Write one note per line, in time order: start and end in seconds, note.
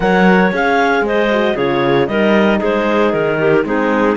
0.00 0.52 F#3
0.00 0.52 A#4
0.00 1.06 C#5
0.00 0.51 F#5
0.52 1.01 C#4
0.52 1.30 G#4
0.52 1.06 F5
1.01 1.53 G#3
1.01 1.54 C5
1.01 1.57 D#5
1.31 1.56 F#4
1.54 2.08 C#3
1.54 2.08 F4
1.54 2.07 G#4
1.54 2.07 C#5
2.07 2.60 G3
2.07 3.64 D#4
2.07 2.58 A#4
2.07 2.59 D#5
2.58 3.13 G#3
2.58 3.37 G#4
2.58 3.12 C5
3.12 3.64 D#3
3.12 3.64 A#4
3.38 3.64 G4
3.64 4.16 G#3
3.64 4.16 C4
3.64 4.17 D#4
3.64 4.17 G#4